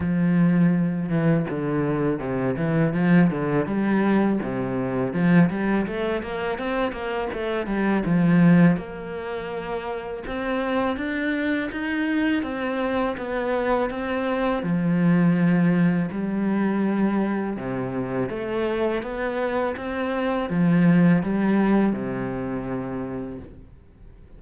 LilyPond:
\new Staff \with { instrumentName = "cello" } { \time 4/4 \tempo 4 = 82 f4. e8 d4 c8 e8 | f8 d8 g4 c4 f8 g8 | a8 ais8 c'8 ais8 a8 g8 f4 | ais2 c'4 d'4 |
dis'4 c'4 b4 c'4 | f2 g2 | c4 a4 b4 c'4 | f4 g4 c2 | }